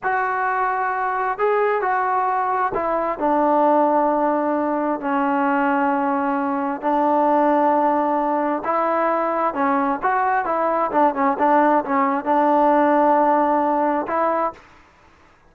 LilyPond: \new Staff \with { instrumentName = "trombone" } { \time 4/4 \tempo 4 = 132 fis'2. gis'4 | fis'2 e'4 d'4~ | d'2. cis'4~ | cis'2. d'4~ |
d'2. e'4~ | e'4 cis'4 fis'4 e'4 | d'8 cis'8 d'4 cis'4 d'4~ | d'2. e'4 | }